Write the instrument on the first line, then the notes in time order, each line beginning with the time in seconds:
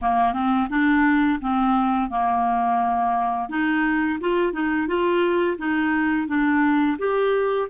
clarinet
0.01 A#3
0.33 C4
0.69 D4
1.41 C4
2.09 A#3
3.49 D#4
4.20 F4
4.52 D#4
4.87 F4
5.58 D#4
6.27 D4
6.98 G4